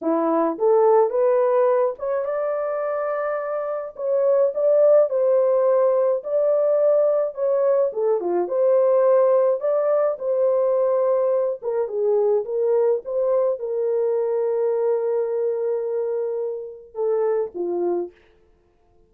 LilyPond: \new Staff \with { instrumentName = "horn" } { \time 4/4 \tempo 4 = 106 e'4 a'4 b'4. cis''8 | d''2. cis''4 | d''4 c''2 d''4~ | d''4 cis''4 a'8 f'8 c''4~ |
c''4 d''4 c''2~ | c''8 ais'8 gis'4 ais'4 c''4 | ais'1~ | ais'2 a'4 f'4 | }